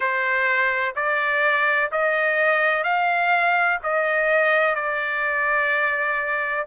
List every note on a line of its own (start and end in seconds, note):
0.00 0.94 C5
0.95 1.90 D5
1.91 2.83 D#5
2.83 3.78 F5
3.83 4.75 D#5
4.75 6.65 D5